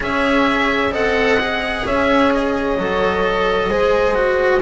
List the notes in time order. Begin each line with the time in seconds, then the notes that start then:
0.00 C#4 G#4 C#5 E5
0.91 C4 A4 D#5 F#5
1.40 G#4
1.85 C#4 C#5 E5
2.33 D#5
2.77 F#3 A4
3.69 G#3 G#4 C5
4.14 F#4